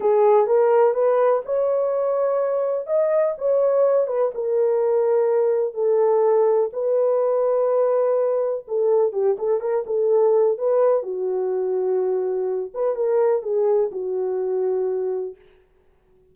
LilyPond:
\new Staff \with { instrumentName = "horn" } { \time 4/4 \tempo 4 = 125 gis'4 ais'4 b'4 cis''4~ | cis''2 dis''4 cis''4~ | cis''8 b'8 ais'2. | a'2 b'2~ |
b'2 a'4 g'8 a'8 | ais'8 a'4. b'4 fis'4~ | fis'2~ fis'8 b'8 ais'4 | gis'4 fis'2. | }